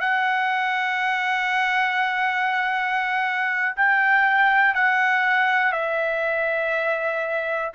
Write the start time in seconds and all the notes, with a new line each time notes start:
0.00 F#5
3.76 G5
4.74 F#5
5.72 E5